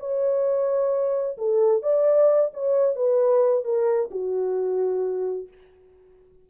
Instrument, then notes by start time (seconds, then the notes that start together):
horn
0.00 C#5
1.38 A4
1.83 D5
2.54 C#5
2.96 B4
3.65 A#4
4.11 F#4